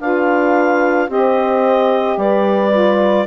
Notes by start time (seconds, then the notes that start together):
0.00 D4 F4 B4 F5
1.08 C4 G4 C5 D#5
2.17 G3 B4 D5
2.71 F4